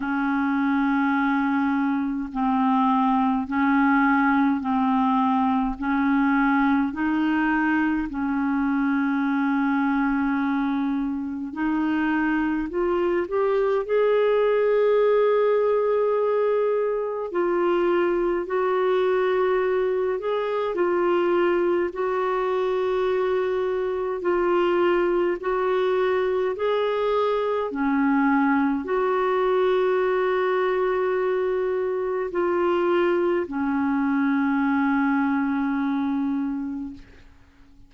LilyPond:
\new Staff \with { instrumentName = "clarinet" } { \time 4/4 \tempo 4 = 52 cis'2 c'4 cis'4 | c'4 cis'4 dis'4 cis'4~ | cis'2 dis'4 f'8 g'8 | gis'2. f'4 |
fis'4. gis'8 f'4 fis'4~ | fis'4 f'4 fis'4 gis'4 | cis'4 fis'2. | f'4 cis'2. | }